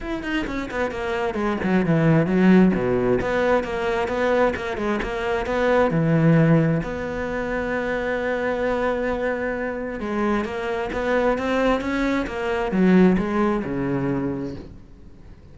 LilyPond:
\new Staff \with { instrumentName = "cello" } { \time 4/4 \tempo 4 = 132 e'8 dis'8 cis'8 b8 ais4 gis8 fis8 | e4 fis4 b,4 b4 | ais4 b4 ais8 gis8 ais4 | b4 e2 b4~ |
b1~ | b2 gis4 ais4 | b4 c'4 cis'4 ais4 | fis4 gis4 cis2 | }